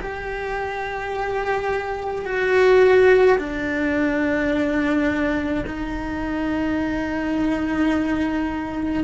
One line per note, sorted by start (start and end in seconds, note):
0.00 2.26 G4
2.26 3.39 F#4
3.39 5.65 D4
5.67 9.04 D#4